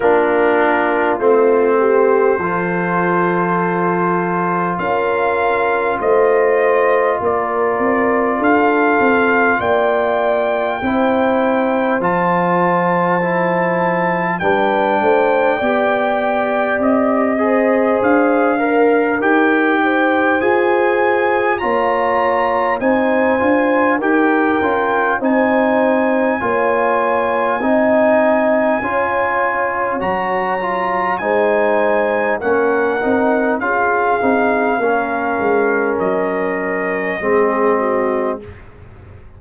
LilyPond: <<
  \new Staff \with { instrumentName = "trumpet" } { \time 4/4 \tempo 4 = 50 ais'4 c''2. | f''4 dis''4 d''4 f''4 | g''2 a''2 | g''2 dis''4 f''4 |
g''4 gis''4 ais''4 gis''4 | g''4 gis''2.~ | gis''4 ais''4 gis''4 fis''4 | f''2 dis''2 | }
  \new Staff \with { instrumentName = "horn" } { \time 4/4 f'4. g'8 a'2 | ais'4 c''4 ais'4 a'4 | d''4 c''2. | b'8 c''8 d''4. c''4 ais'8~ |
ais'8 c''4. cis''4 c''4 | ais'4 c''4 cis''4 dis''4 | cis''2 c''4 ais'4 | gis'4 ais'2 gis'8 fis'8 | }
  \new Staff \with { instrumentName = "trombone" } { \time 4/4 d'4 c'4 f'2~ | f'1~ | f'4 e'4 f'4 e'4 | d'4 g'4. gis'4 ais'8 |
g'4 gis'4 f'4 dis'8 f'8 | g'8 f'8 dis'4 f'4 dis'4 | f'4 fis'8 f'8 dis'4 cis'8 dis'8 | f'8 dis'8 cis'2 c'4 | }
  \new Staff \with { instrumentName = "tuba" } { \time 4/4 ais4 a4 f2 | cis'4 a4 ais8 c'8 d'8 c'8 | ais4 c'4 f2 | g8 a8 b4 c'4 d'4 |
dis'4 f'4 ais4 c'8 d'8 | dis'8 cis'8 c'4 ais4 c'4 | cis'4 fis4 gis4 ais8 c'8 | cis'8 c'8 ais8 gis8 fis4 gis4 | }
>>